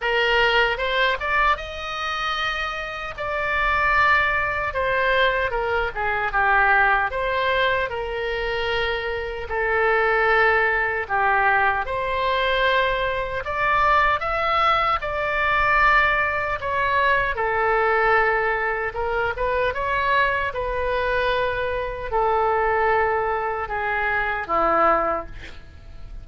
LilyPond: \new Staff \with { instrumentName = "oboe" } { \time 4/4 \tempo 4 = 76 ais'4 c''8 d''8 dis''2 | d''2 c''4 ais'8 gis'8 | g'4 c''4 ais'2 | a'2 g'4 c''4~ |
c''4 d''4 e''4 d''4~ | d''4 cis''4 a'2 | ais'8 b'8 cis''4 b'2 | a'2 gis'4 e'4 | }